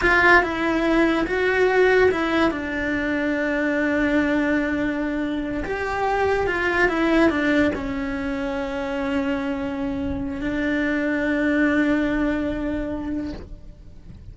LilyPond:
\new Staff \with { instrumentName = "cello" } { \time 4/4 \tempo 4 = 144 f'4 e'2 fis'4~ | fis'4 e'4 d'2~ | d'1~ | d'4. g'2 f'8~ |
f'8 e'4 d'4 cis'4.~ | cis'1~ | cis'4 d'2.~ | d'1 | }